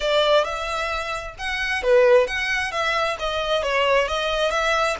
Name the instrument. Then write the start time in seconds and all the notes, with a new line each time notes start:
violin
0.00 D5
0.44 E5
1.38 F#5
1.82 B4
2.27 F#5
2.71 E5
3.19 D#5
3.62 C#5
4.08 D#5
4.51 E5